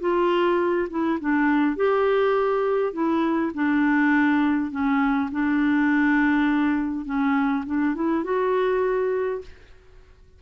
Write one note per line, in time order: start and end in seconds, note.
0.00 0.88 F4
0.90 1.19 E4
1.20 1.76 D4
1.76 2.93 G4
2.93 3.52 E4
3.54 4.71 D4
4.71 5.30 C#4
5.31 7.05 D4
7.05 7.64 C#4
7.66 7.95 D4
7.95 8.24 E4
8.24 9.41 F#4